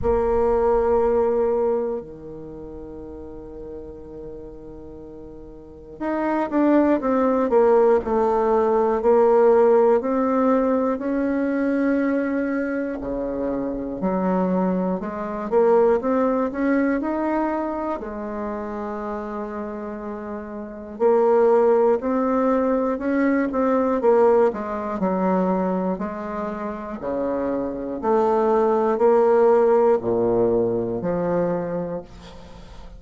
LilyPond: \new Staff \with { instrumentName = "bassoon" } { \time 4/4 \tempo 4 = 60 ais2 dis2~ | dis2 dis'8 d'8 c'8 ais8 | a4 ais4 c'4 cis'4~ | cis'4 cis4 fis4 gis8 ais8 |
c'8 cis'8 dis'4 gis2~ | gis4 ais4 c'4 cis'8 c'8 | ais8 gis8 fis4 gis4 cis4 | a4 ais4 ais,4 f4 | }